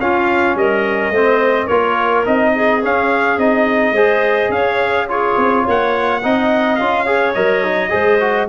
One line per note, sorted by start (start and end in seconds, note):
0.00 0.55 C#4
0.00 1.14 C#4
0.00 0.57 F4
0.00 0.57 F5
0.55 1.11 G3
0.55 1.13 A#4
0.55 1.68 D#5
1.11 1.68 A3
1.11 1.71 C4
1.11 1.67 C5
1.67 2.26 A#3
1.67 2.25 F4
1.67 2.52 A#4
1.67 2.24 C#5
2.25 2.84 C4
2.25 2.81 D#4
2.25 2.83 D#5
2.55 3.94 G#4
2.83 3.39 C#4
2.83 3.37 C#4
2.83 3.39 F5
3.37 3.92 C4
3.37 3.96 D#4
3.37 4.52 D#5
3.92 4.49 G#3
3.92 5.09 G#4
3.92 4.50 C5
4.49 5.34 C#4
4.49 5.09 C#5
4.49 5.08 F5
5.09 6.22 F4
5.09 5.64 G#4
5.09 5.67 C#5
5.37 5.66 C4
5.64 6.24 A#3
5.64 6.21 C#5
5.64 6.76 F#5
6.23 6.80 C4
6.23 6.80 D#4
6.23 7.05 D#5
6.76 7.36 C#4
6.76 7.07 F4
6.76 7.32 F5
7.05 7.35 G#4
7.05 7.90 C#5
7.34 7.92 F#3
7.34 7.64 A#4
7.34 8.48 D#5
7.64 7.89 D#4
7.89 8.49 G#3
7.89 8.18 G#4
7.89 8.48 C5
8.20 8.49 F#4